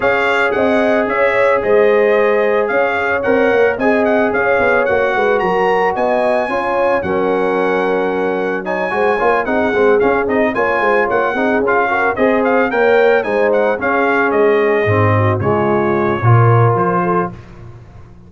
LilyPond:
<<
  \new Staff \with { instrumentName = "trumpet" } { \time 4/4 \tempo 4 = 111 f''4 fis''4 e''4 dis''4~ | dis''4 f''4 fis''4 gis''8 fis''8 | f''4 fis''4 ais''4 gis''4~ | gis''4 fis''2. |
gis''4. fis''4 f''8 dis''8 gis''8~ | gis''8 fis''4 f''4 dis''8 f''8 g''8~ | g''8 gis''8 fis''8 f''4 dis''4.~ | dis''8 cis''2~ cis''8 c''4 | }
  \new Staff \with { instrumentName = "horn" } { \time 4/4 cis''4 dis''4 cis''4 c''4~ | c''4 cis''2 dis''4 | cis''4. b'8 ais'4 dis''4 | cis''4 ais'2. |
cis''8 c''8 cis''8 gis'2 cis''8 | c''8 cis''8 gis'4 ais'8 c''4 cis''8~ | cis''8 c''4 gis'2~ gis'8 | fis'8 f'4. ais'4. a'8 | }
  \new Staff \with { instrumentName = "trombone" } { \time 4/4 gis'1~ | gis'2 ais'4 gis'4~ | gis'4 fis'2. | f'4 cis'2. |
dis'8 fis'8 f'8 dis'8 c'8 cis'8 dis'8 f'8~ | f'4 dis'8 f'8 fis'8 gis'4 ais'8~ | ais'8 dis'4 cis'2 c'8~ | c'8 gis4. f'2 | }
  \new Staff \with { instrumentName = "tuba" } { \time 4/4 cis'4 c'4 cis'4 gis4~ | gis4 cis'4 c'8 ais8 c'4 | cis'8 b8 ais8 gis8 fis4 b4 | cis'4 fis2.~ |
fis8 gis8 ais8 c'8 gis8 cis'8 c'8 ais8 | gis8 ais8 c'8 cis'4 c'4 ais8~ | ais8 gis4 cis'4 gis4 gis,8~ | gis,8 cis4. ais,4 f4 | }
>>